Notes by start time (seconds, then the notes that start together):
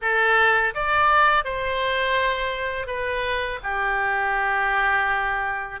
0.01 A4
0.74 D5
1.44 C5
2.87 B4
3.63 G4